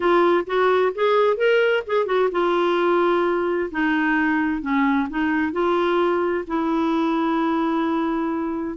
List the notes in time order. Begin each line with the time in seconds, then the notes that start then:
0.00 F4
0.46 F#4
0.94 G#4
1.37 A#4
1.86 G#4
2.06 F#4
2.31 F4
3.71 D#4
4.61 C#4
5.09 D#4
5.52 F4
6.47 E4